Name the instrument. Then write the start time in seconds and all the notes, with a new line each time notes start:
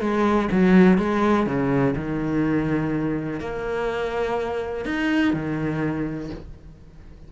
cello
0.00 G#3
0.51 F#3
0.98 G#3
1.46 C#3
1.95 D#3
3.40 A#3
4.85 D#4
5.33 D#3